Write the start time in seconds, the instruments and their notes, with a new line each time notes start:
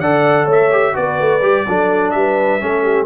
0.00 tuba D3, trombone A4, horn D5, trumpet F#5
0.45 tuba A3, horn C#5
0.51 trumpet E5
0.71 trombone G4
0.93 tuba B3, trombone F#4, horn B4, trumpet D5
1.20 tuba A3
1.41 tuba G3, trombone G4
1.68 tuba F#3, trombone D4, horn A4
2.11 tuba G3, trumpet E5
2.17 horn B4
2.60 tuba A3, trombone C#4, horn A4
2.83 horn G4